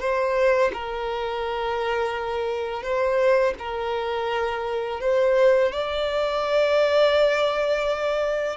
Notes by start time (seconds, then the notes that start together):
0.00 C5
0.73 A#4
2.82 C5
3.59 A#4
5.00 C5
5.72 D5